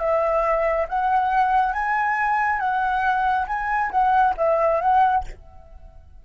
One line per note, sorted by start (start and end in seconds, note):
0.00 0.87 E5
0.89 1.74 F#5
1.74 2.60 G#5
2.60 3.47 F#5
3.47 3.91 G#5
3.91 4.35 F#5
4.38 4.81 E5
4.81 5.25 F#5